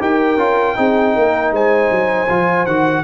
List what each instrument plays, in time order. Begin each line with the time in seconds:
0.00 tuba D#4, trombone G4, horn A#4, trumpet G5
0.37 tuba C#4, trombone F4
0.75 tuba C4, trombone D#4, horn G#4
1.15 tuba A#3, horn A#4
1.52 tuba G#3, horn C5, trumpet G#5
1.90 tuba F#3
2.29 tuba F3, trombone F4
2.66 tuba D#3, trombone F#4, trumpet F#5